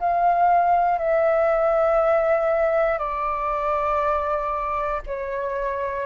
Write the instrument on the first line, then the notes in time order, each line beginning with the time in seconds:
flute
0.00 F5
0.98 E5
2.98 D5
5.07 C#5